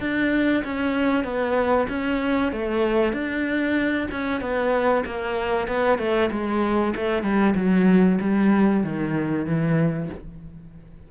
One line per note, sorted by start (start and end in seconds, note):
0.00 0.63 D4
0.65 1.24 C#4
1.24 1.87 B3
1.89 2.52 C#4
2.52 3.13 A3
3.13 4.08 D4
4.11 4.41 C#4
4.41 5.04 B3
5.06 5.68 A#3
5.68 5.99 B3
5.99 6.30 A3
6.31 6.94 G#3
6.96 7.23 A3
7.23 7.54 G3
7.56 8.19 F#3
8.21 8.84 G3
8.84 9.46 D#3
9.46 10.09 E3